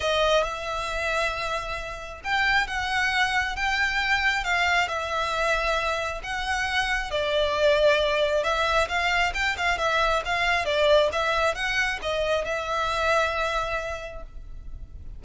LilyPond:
\new Staff \with { instrumentName = "violin" } { \time 4/4 \tempo 4 = 135 dis''4 e''2.~ | e''4 g''4 fis''2 | g''2 f''4 e''4~ | e''2 fis''2 |
d''2. e''4 | f''4 g''8 f''8 e''4 f''4 | d''4 e''4 fis''4 dis''4 | e''1 | }